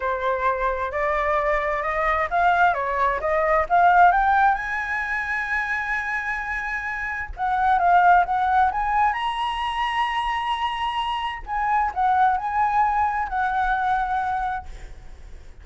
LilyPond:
\new Staff \with { instrumentName = "flute" } { \time 4/4 \tempo 4 = 131 c''2 d''2 | dis''4 f''4 cis''4 dis''4 | f''4 g''4 gis''2~ | gis''1 |
fis''4 f''4 fis''4 gis''4 | ais''1~ | ais''4 gis''4 fis''4 gis''4~ | gis''4 fis''2. | }